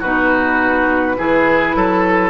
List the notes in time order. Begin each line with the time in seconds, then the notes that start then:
0.00 B2 D#4 F#4 B4
1.17 E3 E4 G#4
1.75 F#3 A4